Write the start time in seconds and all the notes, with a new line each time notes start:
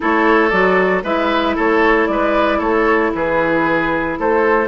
0.00 A3 E4 A4 C#5
0.49 F#3 F#4 D5
1.03 G#3 E4 B4 E5
1.55 A3 A4 C#5
2.07 G#3 B4 D5
2.58 A3 A4 C#5
3.14 E3 G#4 B4
4.18 A3 A4 C5